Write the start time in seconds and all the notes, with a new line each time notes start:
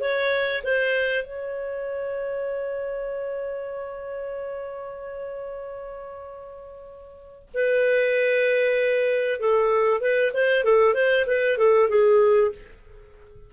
0.00 C#5
0.64 C5
1.24 C#5
7.54 B4
9.40 A4
10.01 B4
10.33 C5
10.64 A4
10.94 C5
11.27 B4
11.58 A4
11.89 G#4